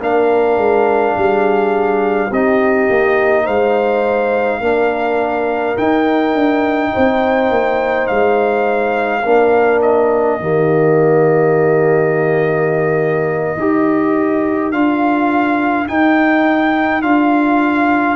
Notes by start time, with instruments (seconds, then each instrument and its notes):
0.00 tuba A#3, trombone D4, horn A#4, trumpet F5
0.57 tuba G#3
1.17 tuba G3, horn G#4
2.28 tuba C4, trombone D#4, horn G4, trumpet D#5
2.90 tuba A#3
3.44 tuba G#3, horn C5, trumpet F5
4.60 tuba A#3, trombone D4, horn A#4
5.76 trombone D#4, tuba D#4, trumpet G5
6.34 tuba D4
6.94 tuba C4, horn C5
7.50 tuba A#3
8.07 tuba G#3, trumpet F5
9.24 tuba A#3, trombone D4, horn A#4
9.82 trumpet D#5
10.40 tuba D#3, trombone A#3, horn G4
13.57 tuba D#4, trombone G4, horn A#4
14.72 tuba D4, trombone F4, trumpet F5
15.88 trombone D#4, tuba D#4, trumpet G5
17.03 tuba D4, trombone F4, trumpet F5